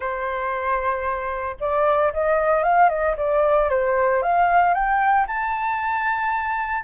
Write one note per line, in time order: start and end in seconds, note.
0.00 1.56 C5
1.60 2.12 D5
2.13 2.63 D#5
2.63 2.89 F5
2.89 3.15 D#5
3.17 3.69 D5
3.69 4.22 C5
4.22 4.73 F5
4.73 5.26 G5
5.27 6.83 A5